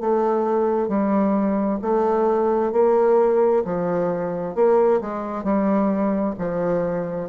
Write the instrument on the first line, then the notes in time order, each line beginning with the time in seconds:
bassoon
0.00 A3
0.88 G3
1.81 A3
2.72 A#3
3.64 F3
4.55 A#3
5.01 G#3
5.44 G3
6.38 F3